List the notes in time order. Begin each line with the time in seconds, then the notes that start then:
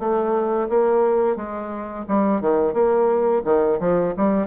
0.00 A3
0.70 A#3
1.37 G#3
2.08 G3
2.41 D#3
2.74 A#3
3.45 D#3
3.80 F3
4.17 G3